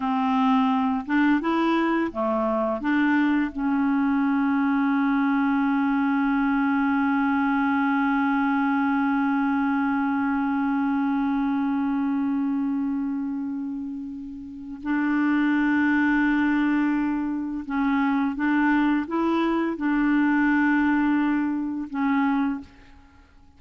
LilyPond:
\new Staff \with { instrumentName = "clarinet" } { \time 4/4 \tempo 4 = 85 c'4. d'8 e'4 a4 | d'4 cis'2.~ | cis'1~ | cis'1~ |
cis'1~ | cis'4 d'2.~ | d'4 cis'4 d'4 e'4 | d'2. cis'4 | }